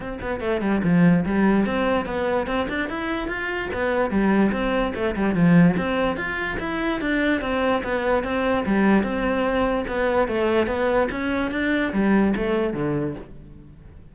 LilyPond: \new Staff \with { instrumentName = "cello" } { \time 4/4 \tempo 4 = 146 c'8 b8 a8 g8 f4 g4 | c'4 b4 c'8 d'8 e'4 | f'4 b4 g4 c'4 | a8 g8 f4 c'4 f'4 |
e'4 d'4 c'4 b4 | c'4 g4 c'2 | b4 a4 b4 cis'4 | d'4 g4 a4 d4 | }